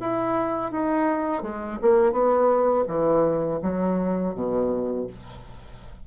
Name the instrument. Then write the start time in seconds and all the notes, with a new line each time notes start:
bassoon
0.00 E4
0.72 D#4
1.42 G#3
1.82 A#3
2.12 B3
2.88 E3
3.62 F#3
4.34 B2